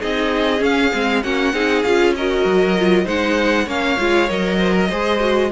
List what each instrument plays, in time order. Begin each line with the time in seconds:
0.00 cello C4, viola D#4, violin G#4 D#5
0.58 viola C#4, cello C#4, violin F5
0.94 cello G#3, viola C4
1.23 cello A#3, viola C#4, violin F#4 F#5
1.53 cello C4, viola D#4, violin G#4
1.83 cello C#4, viola F4, violin F5
2.16 viola F#4, violin A#4 D#5
2.45 cello F#3
2.78 viola F4
3.05 cello G#3, viola D#4, violin C5 F#5
3.65 cello A#3, viola C#4, violin C#5 F5
3.99 cello G#3, viola F4
4.28 cello F#3, viola A#4, violin D#5
4.58 violin C5
4.73 violin A#4
4.89 cello G#3, viola G#4, violin C5
5.20 viola F#4